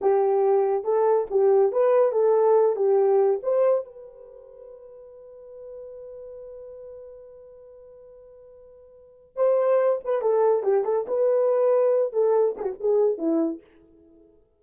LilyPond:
\new Staff \with { instrumentName = "horn" } { \time 4/4 \tempo 4 = 141 g'2 a'4 g'4 | b'4 a'4. g'4. | c''4 b'2.~ | b'1~ |
b'1~ | b'2 c''4. b'8 | a'4 g'8 a'8 b'2~ | b'8 a'4 gis'16 fis'16 gis'4 e'4 | }